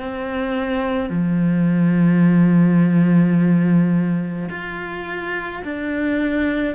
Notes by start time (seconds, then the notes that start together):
0.00 C4
1.10 F3
4.50 F4
5.64 D4